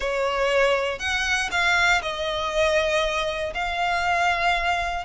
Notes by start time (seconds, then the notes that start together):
0.00 C#5
0.99 F#5
1.51 F5
2.02 D#5
3.54 F5